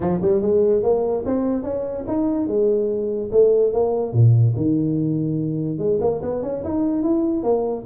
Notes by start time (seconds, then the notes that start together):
0.00 F3
0.21 G3
0.41 G#3
0.83 A#3
1.25 C4
1.63 C#4
2.07 D#4
2.47 G#3
3.31 A3
3.72 A#3
4.12 A#2
4.56 D#3
5.78 G#3
6.00 A#3
6.22 B3
6.42 C#4
6.64 D#4
7.03 E4
7.43 A#3